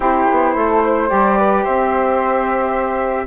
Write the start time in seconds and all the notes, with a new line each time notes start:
0.00 C4 E4 G4 C5
0.31 B3
0.55 A3 A4
0.84 C5
1.08 G3 G4 D5
1.37 B4
1.63 C4 C5 E5